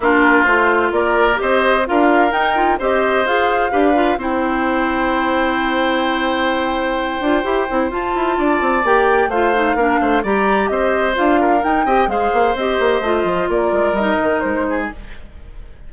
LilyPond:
<<
  \new Staff \with { instrumentName = "flute" } { \time 4/4 \tempo 4 = 129 ais'4 c''4 d''4 dis''4 | f''4 g''4 dis''4 f''4~ | f''4 g''2.~ | g''1~ |
g''4 a''2 g''4 | f''2 ais''4 dis''4 | f''4 g''4 f''4 dis''4~ | dis''4 d''4 dis''4 c''4 | }
  \new Staff \with { instrumentName = "oboe" } { \time 4/4 f'2 ais'4 c''4 | ais'2 c''2 | b'4 c''2.~ | c''1~ |
c''2 d''2 | c''4 ais'8 c''8 d''4 c''4~ | c''8 ais'4 dis''8 c''2~ | c''4 ais'2~ ais'8 gis'8 | }
  \new Staff \with { instrumentName = "clarinet" } { \time 4/4 d'4 f'2 g'4 | f'4 dis'8 f'8 g'4 gis'4 | g'8 f'8 e'2.~ | e'2.~ e'8 f'8 |
g'8 e'8 f'2 g'4 | f'8 dis'8 d'4 g'2 | f'4 dis'8 g'8 gis'4 g'4 | f'2 dis'2 | }
  \new Staff \with { instrumentName = "bassoon" } { \time 4/4 ais4 a4 ais4 c'4 | d'4 dis'4 c'4 f'4 | d'4 c'2.~ | c'2.~ c'8 d'8 |
e'8 c'8 f'8 e'8 d'8 c'8 ais4 | a4 ais8 a8 g4 c'4 | d'4 dis'8 c'8 gis8 ais8 c'8 ais8 | a8 f8 ais8 gis8 g8 dis8 gis4 | }
>>